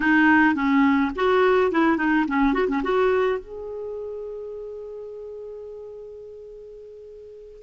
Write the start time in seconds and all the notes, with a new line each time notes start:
0.00 D#4
0.55 C#4
1.15 F#4
1.71 E4
1.97 D#4
2.27 C#4
2.53 F#4
2.67 C#4
2.83 F#4
3.39 G#4